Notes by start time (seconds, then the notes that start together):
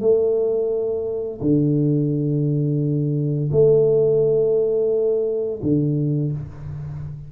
0.00 A3
1.41 D3
3.51 A3
5.62 D3